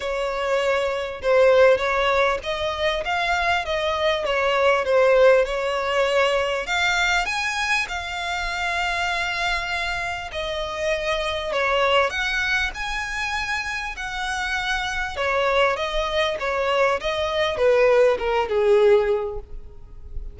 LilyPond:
\new Staff \with { instrumentName = "violin" } { \time 4/4 \tempo 4 = 99 cis''2 c''4 cis''4 | dis''4 f''4 dis''4 cis''4 | c''4 cis''2 f''4 | gis''4 f''2.~ |
f''4 dis''2 cis''4 | fis''4 gis''2 fis''4~ | fis''4 cis''4 dis''4 cis''4 | dis''4 b'4 ais'8 gis'4. | }